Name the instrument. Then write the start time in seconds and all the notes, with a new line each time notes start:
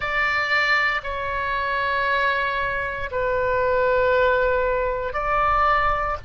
oboe
0.00 D5
1.03 C#5
3.11 B4
5.13 D5